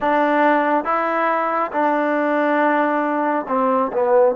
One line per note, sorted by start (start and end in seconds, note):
0.00 0.84 D4
0.84 1.71 E4
1.72 3.46 D4
3.48 3.91 C4
3.92 4.35 B3